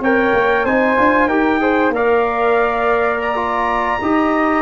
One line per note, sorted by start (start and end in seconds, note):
0.00 0.32 C4
0.00 0.67 A#4
0.00 0.64 C#5
0.00 0.65 G5
0.33 0.64 A#3
0.64 0.96 C4
0.64 0.96 D#4
0.64 1.27 C5
0.64 1.28 G#5
0.96 1.26 D4
0.96 1.28 F4
1.26 1.89 D#4
1.26 1.61 G4
1.26 1.59 A#4
1.26 1.92 G5
1.61 1.93 G#4
1.61 1.93 C5
1.89 3.96 A#3
1.89 3.35 A#4
1.89 4.00 D5
1.95 3.22 F5
3.22 4.61 A#5
3.35 3.99 F4
4.00 4.61 D#4
4.00 4.61 G4
4.00 4.61 D#5